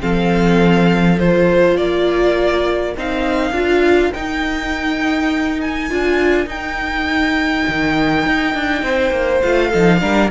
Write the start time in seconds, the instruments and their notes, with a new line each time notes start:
0.00 cello F3, viola C4, violin A4 F5
1.19 viola F4, violin C5
1.77 cello A#3, violin A#4 D5
2.96 cello C4, viola D#4, violin F5
3.51 cello D4, viola F4
4.13 cello D#4, viola D#4, violin G5
5.61 violin G#5
5.90 cello D4, viola F4
6.46 cello D#4, viola D#4, violin G5
7.69 cello D#3
8.26 cello D#4
8.54 cello D4
8.83 cello C4, violin C5
9.11 cello A#3
9.42 cello A3, viola F4, violin F5
9.68 viola D#4, violin A4
9.74 cello F3
10.01 cello G3, viola D4, violin A#4